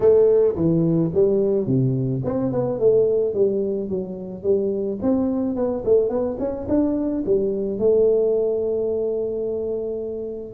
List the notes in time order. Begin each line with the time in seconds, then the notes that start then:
0.00 A3
0.55 E3
1.14 G3
1.66 C3
2.24 C4
2.52 B3
2.79 A3
3.33 G3
3.89 F#3
4.43 G3
5.02 C4
5.55 B3
5.84 A3
6.09 B3
6.39 C#4
6.68 D4
7.26 G3
7.79 A3